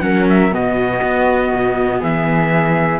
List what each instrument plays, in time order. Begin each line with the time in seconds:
0.00 cello F#3, viola C#4, flute A#4, trumpet F#5
0.29 trumpet E5
0.50 cello B2, viola B3, flute F#4, trumpet D#5
1.02 cello B3
1.53 cello B2
2.00 cello E3, flute G#4, trumpet E5